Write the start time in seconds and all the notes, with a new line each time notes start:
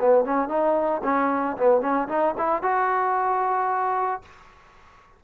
0.00 B3
0.25 C#4
0.49 D#4
1.04 C#4
1.57 B3
1.81 C#4
2.09 D#4
2.38 E4
2.63 F#4